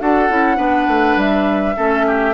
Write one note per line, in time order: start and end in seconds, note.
0.00 0.30 D4
0.00 0.30 F#4
0.00 0.57 A4
0.00 1.20 F#5
0.30 0.58 C#4
0.30 0.57 E4
0.57 0.87 B3
0.57 1.76 D4
0.57 1.76 B4
0.88 1.17 A3
1.17 1.76 G3
1.17 2.35 E5
1.76 2.35 A3
1.76 2.35 C#4
1.76 2.06 A4
2.07 2.35 G4